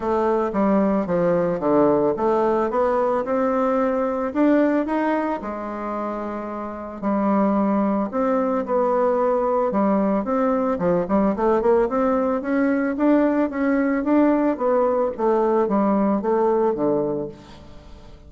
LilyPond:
\new Staff \with { instrumentName = "bassoon" } { \time 4/4 \tempo 4 = 111 a4 g4 f4 d4 | a4 b4 c'2 | d'4 dis'4 gis2~ | gis4 g2 c'4 |
b2 g4 c'4 | f8 g8 a8 ais8 c'4 cis'4 | d'4 cis'4 d'4 b4 | a4 g4 a4 d4 | }